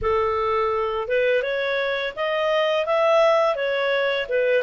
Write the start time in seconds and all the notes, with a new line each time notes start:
0.01 A4
1.07 B4
1.42 C#5
2.16 D#5
2.86 E5
3.55 C#5
4.28 B4